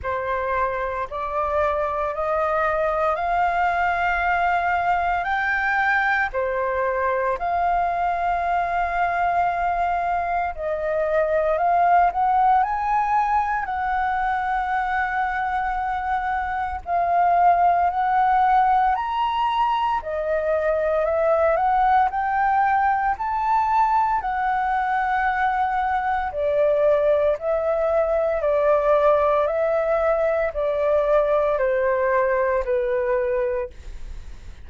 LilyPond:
\new Staff \with { instrumentName = "flute" } { \time 4/4 \tempo 4 = 57 c''4 d''4 dis''4 f''4~ | f''4 g''4 c''4 f''4~ | f''2 dis''4 f''8 fis''8 | gis''4 fis''2. |
f''4 fis''4 ais''4 dis''4 | e''8 fis''8 g''4 a''4 fis''4~ | fis''4 d''4 e''4 d''4 | e''4 d''4 c''4 b'4 | }